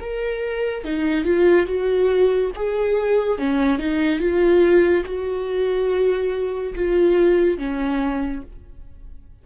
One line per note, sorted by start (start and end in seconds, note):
0.00 0.84 A#4
0.84 1.24 D#4
1.24 1.66 F4
1.66 2.51 F#4
2.55 3.38 G#4
3.38 3.79 C#4
3.79 4.19 D#4
4.19 5.04 F4
5.05 6.74 F#4
6.75 7.58 F4
7.58 8.42 C#4